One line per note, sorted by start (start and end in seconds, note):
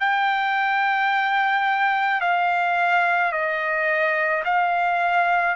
0.00 2.21 G5
2.21 3.32 F5
3.32 4.43 D#5
4.44 5.56 F5